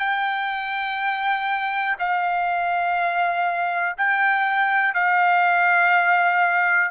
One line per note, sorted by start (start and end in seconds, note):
0.00 1.97 G5
2.00 3.97 F5
3.98 4.95 G5
4.95 6.92 F5